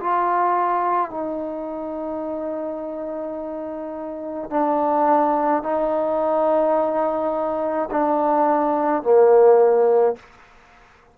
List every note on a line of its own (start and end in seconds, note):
0.00 1.11 F4
1.11 4.50 D#4
4.50 5.63 D4
5.63 7.89 D#4
7.91 9.03 D4
9.03 10.16 A#3